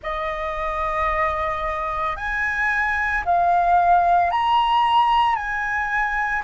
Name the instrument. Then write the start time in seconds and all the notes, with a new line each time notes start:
flute
0.02 D#5
2.16 G#5
3.25 F5
4.31 A#5
5.35 G#5